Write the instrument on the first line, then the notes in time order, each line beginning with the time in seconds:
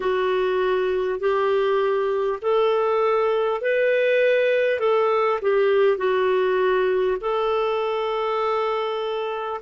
clarinet
0.00 F#4
1.19 G4
2.41 A4
3.61 B4
4.79 A4
5.41 G4
5.97 F#4
7.20 A4